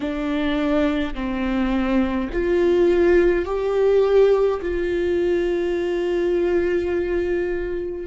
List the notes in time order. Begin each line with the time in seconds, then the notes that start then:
0.00 D4
1.14 C4
2.32 F4
3.45 G4
4.62 F4